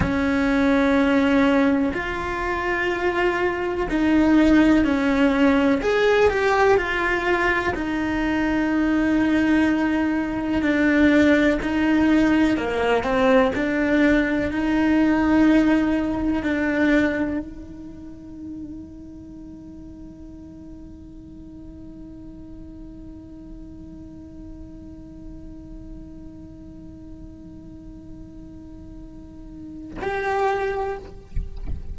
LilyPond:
\new Staff \with { instrumentName = "cello" } { \time 4/4 \tempo 4 = 62 cis'2 f'2 | dis'4 cis'4 gis'8 g'8 f'4 | dis'2. d'4 | dis'4 ais8 c'8 d'4 dis'4~ |
dis'4 d'4 dis'2~ | dis'1~ | dis'1~ | dis'2. g'4 | }